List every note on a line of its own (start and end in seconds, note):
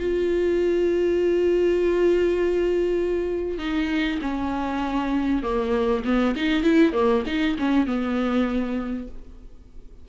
0.00 3.59 F4
3.59 4.20 D#4
4.22 5.43 C#4
5.43 6.04 A#3
6.05 6.36 B3
6.36 6.64 D#4
6.64 6.93 E4
6.93 7.24 A#3
7.27 7.57 D#4
7.60 7.87 C#4
7.87 9.08 B3